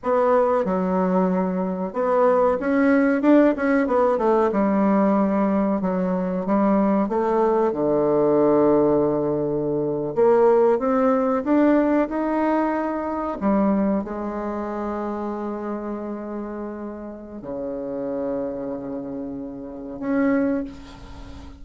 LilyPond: \new Staff \with { instrumentName = "bassoon" } { \time 4/4 \tempo 4 = 93 b4 fis2 b4 | cis'4 d'8 cis'8 b8 a8 g4~ | g4 fis4 g4 a4 | d2.~ d8. ais16~ |
ais8. c'4 d'4 dis'4~ dis'16~ | dis'8. g4 gis2~ gis16~ | gis2. cis4~ | cis2. cis'4 | }